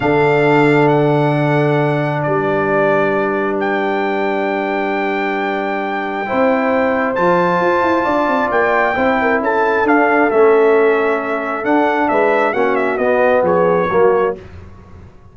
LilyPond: <<
  \new Staff \with { instrumentName = "trumpet" } { \time 4/4 \tempo 4 = 134 f''2 fis''2~ | fis''4 d''2. | g''1~ | g''1 |
a''2. g''4~ | g''4 a''4 f''4 e''4~ | e''2 fis''4 e''4 | fis''8 e''8 dis''4 cis''2 | }
  \new Staff \with { instrumentName = "horn" } { \time 4/4 a'1~ | a'4 b'2.~ | b'1~ | b'2 c''2~ |
c''2 d''2 | c''8 ais'8 a'2.~ | a'2. b'4 | fis'2 gis'4 fis'4 | }
  \new Staff \with { instrumentName = "trombone" } { \time 4/4 d'1~ | d'1~ | d'1~ | d'2 e'2 |
f'1 | e'2 d'4 cis'4~ | cis'2 d'2 | cis'4 b2 ais4 | }
  \new Staff \with { instrumentName = "tuba" } { \time 4/4 d1~ | d4 g2.~ | g1~ | g2 c'2 |
f4 f'8 e'8 d'8 c'8 ais4 | c'4 cis'4 d'4 a4~ | a2 d'4 gis4 | ais4 b4 f4 fis4 | }
>>